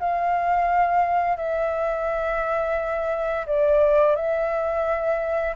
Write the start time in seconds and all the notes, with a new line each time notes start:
0.00 F5
1.37 E5
3.47 D5
4.16 E5